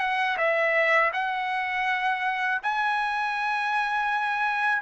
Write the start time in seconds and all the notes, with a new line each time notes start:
0.00 F#5
0.38 E5
1.13 F#5
2.63 G#5